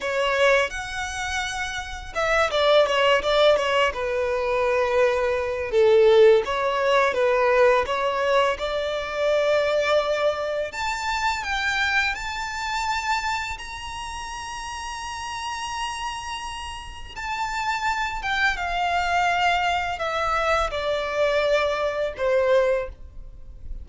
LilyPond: \new Staff \with { instrumentName = "violin" } { \time 4/4 \tempo 4 = 84 cis''4 fis''2 e''8 d''8 | cis''8 d''8 cis''8 b'2~ b'8 | a'4 cis''4 b'4 cis''4 | d''2. a''4 |
g''4 a''2 ais''4~ | ais''1 | a''4. g''8 f''2 | e''4 d''2 c''4 | }